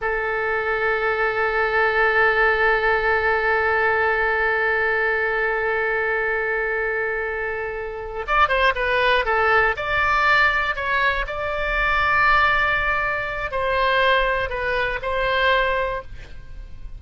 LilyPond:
\new Staff \with { instrumentName = "oboe" } { \time 4/4 \tempo 4 = 120 a'1~ | a'1~ | a'1~ | a'1~ |
a'8 d''8 c''8 b'4 a'4 d''8~ | d''4. cis''4 d''4.~ | d''2. c''4~ | c''4 b'4 c''2 | }